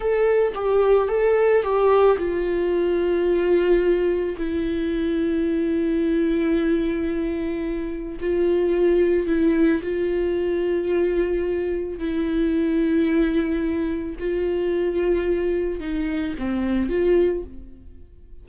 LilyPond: \new Staff \with { instrumentName = "viola" } { \time 4/4 \tempo 4 = 110 a'4 g'4 a'4 g'4 | f'1 | e'1~ | e'2. f'4~ |
f'4 e'4 f'2~ | f'2 e'2~ | e'2 f'2~ | f'4 dis'4 c'4 f'4 | }